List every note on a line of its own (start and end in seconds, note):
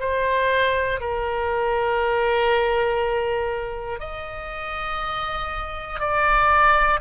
0.00 1.00 C5
1.00 4.00 A#4
4.00 6.00 D#5
6.00 7.00 D5